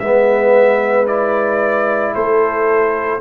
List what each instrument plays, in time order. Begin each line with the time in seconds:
0.00 tuba G#3, trombone B3, horn B4, trumpet E5
1.07 trombone E4, trumpet D5
2.15 tuba A3, horn A4, trumpet C5